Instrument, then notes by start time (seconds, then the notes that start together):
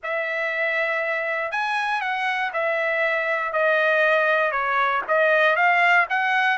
trumpet
0.03 E5
1.51 G#5
2.01 F#5
2.53 E5
3.52 D#5
4.51 C#5
5.08 D#5
5.56 F5
6.09 F#5